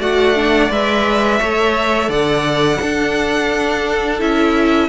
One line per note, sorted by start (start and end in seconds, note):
0.00 0.70 A3
0.00 0.35 F#4
0.00 1.40 D5
0.00 0.72 F#5
0.35 0.70 D4
0.70 1.40 G#3
0.70 1.41 B4
0.70 2.11 E5
1.40 2.09 A3
1.40 2.81 A4
1.40 2.09 C#5
2.09 2.79 D3
2.09 2.79 D5
2.09 4.21 F#5
2.80 4.19 D4
2.80 4.21 D4
2.80 4.89 A4
4.19 4.89 C#4
4.19 4.89 E4
4.19 4.89 E5